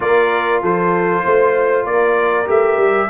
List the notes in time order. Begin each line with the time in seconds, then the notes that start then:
0.00 A#3 F4 A#4 D5
0.62 F3 A4 C5
1.24 A3 C5
1.84 A#3 A#4 D5
2.45 A3 G4 E5
2.77 G3